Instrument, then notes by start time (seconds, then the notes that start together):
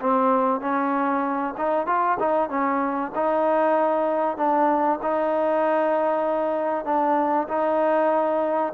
trombone
0.00 C4
0.60 C#4
1.57 D#4
1.86 F4
2.19 D#4
2.49 C#4
3.15 D#4
4.37 D4
5.02 D#4
6.85 D4
7.48 D#4